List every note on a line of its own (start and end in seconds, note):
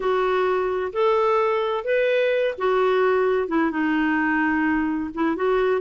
0.00 0.92 F#4
0.92 1.84 A4
1.84 2.54 B4
2.58 3.48 F#4
3.48 3.71 E4
3.71 5.10 D#4
5.14 5.36 E4
5.36 5.81 F#4